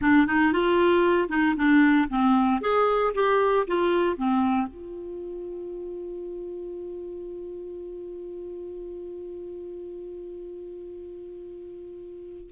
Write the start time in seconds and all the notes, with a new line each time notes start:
0.01 D4
0.26 D#4
0.52 F4
1.29 D#4
1.56 D4
2.09 C4
2.61 G#4
3.14 G4
3.67 F4
4.16 C4
4.67 F4